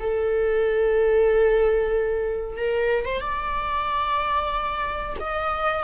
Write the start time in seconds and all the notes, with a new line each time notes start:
0.00 A4
2.57 A#4
3.05 C5
3.21 D5
5.20 D#5